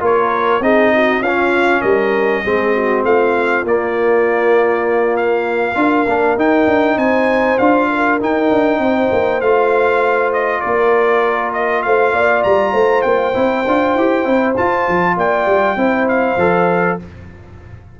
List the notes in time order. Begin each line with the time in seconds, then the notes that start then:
0.00 A#3 F4 A#4 C#5
0.59 C4 D#4 G#4 D#5
0.95 F#4
1.20 C#4 F4 F5
1.81 G3 A#4 D#5
2.43 G#3 C4 G#4
2.74 F#4
3.03 A3 F4 F5
3.63 A#3 D5
5.17 F5
5.75 D4 F4 A#4
6.06 A#3 D4
6.36 D#4 G5
6.66 D4
6.97 C4 C5 G#5
7.58 D4 F4 F5
7.89 A#4
8.20 D#4 G5
8.51 D4
8.78 C4 C5
9.11 A#3
9.40 A3 F4 F5
10.33 D#5
10.60 A#3 A#4 D5
11.53 D#5
11.82 A3 C5 F5
12.13 A#3 D5
12.43 G3 A#5
12.71 A3 C5
13.02 A#3 G5
13.33 C4 E4
13.67 D4 F4
13.95 E4 G4
14.24 C4 E4
14.56 F4 A5
14.88 F3
15.17 A#3 D5 G5
15.46 G3
15.76 C4 E4 C5
16.08 F5
16.37 F3 A4